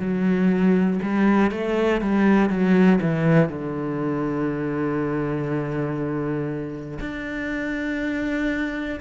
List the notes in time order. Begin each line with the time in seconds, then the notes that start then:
0.00 F#3
1.03 G3
1.52 A3
2.01 G3
2.50 F#3
3.02 E3
3.49 D3
7.01 D4